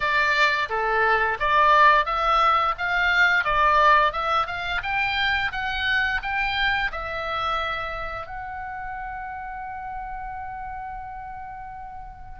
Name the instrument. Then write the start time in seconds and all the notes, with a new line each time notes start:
oboe
0.00 D5
0.69 A4
1.39 D5
2.05 E5
2.78 F5
3.44 D5
4.12 E5
4.46 F5
4.82 G5
5.52 F#5
6.22 G5
6.91 E5
8.26 F#5